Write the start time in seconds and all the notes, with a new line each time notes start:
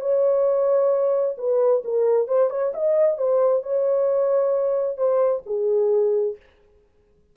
0.00 C#5
1.37 B4
1.84 A#4
2.27 C5
2.50 C#5
2.74 D#5
3.17 C5
3.62 C#5
4.97 C5
5.46 G#4